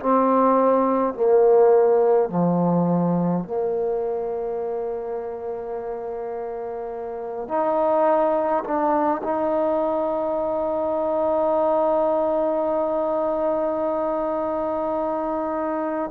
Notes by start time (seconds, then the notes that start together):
0.00 C4
1.14 A#3
2.29 F3
3.45 A#3
7.48 D#4
8.64 D4
9.24 D#4